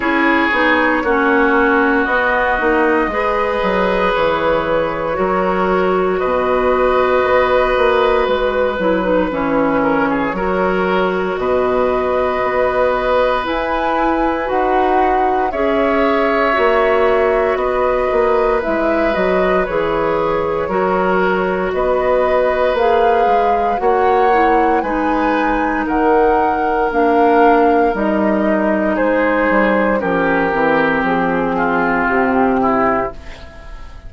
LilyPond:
<<
  \new Staff \with { instrumentName = "flute" } { \time 4/4 \tempo 4 = 58 cis''2 dis''2 | cis''2 dis''2 | b'4 cis''2 dis''4~ | dis''4 gis''4 fis''4 e''4~ |
e''4 dis''4 e''8 dis''8 cis''4~ | cis''4 dis''4 f''4 fis''4 | gis''4 fis''4 f''4 dis''4 | c''4 ais'4 gis'4 g'4 | }
  \new Staff \with { instrumentName = "oboe" } { \time 4/4 gis'4 fis'2 b'4~ | b'4 ais'4 b'2~ | b'4. ais'16 gis'16 ais'4 b'4~ | b'2. cis''4~ |
cis''4 b'2. | ais'4 b'2 cis''4 | b'4 ais'2. | gis'4 g'4. f'4 e'8 | }
  \new Staff \with { instrumentName = "clarinet" } { \time 4/4 e'8 dis'8 cis'4 b8 dis'8 gis'4~ | gis'4 fis'2.~ | fis'8 e'16 dis'16 cis'4 fis'2~ | fis'4 e'4 fis'4 gis'4 |
fis'2 e'8 fis'8 gis'4 | fis'2 gis'4 fis'8 e'8 | dis'2 d'4 dis'4~ | dis'4 cis'8 c'2~ c'8 | }
  \new Staff \with { instrumentName = "bassoon" } { \time 4/4 cis'8 b8 ais4 b8 ais8 gis8 fis8 | e4 fis4 b,4 b8 ais8 | gis8 fis8 e4 fis4 b,4 | b4 e'4 dis'4 cis'4 |
ais4 b8 ais8 gis8 fis8 e4 | fis4 b4 ais8 gis8 ais4 | gis4 dis4 ais4 g4 | gis8 g8 f8 e8 f4 c4 | }
>>